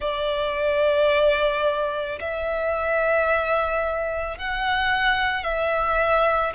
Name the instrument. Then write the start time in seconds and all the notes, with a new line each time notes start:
violin
0.00 D5
2.20 E5
4.37 F#5
5.43 E5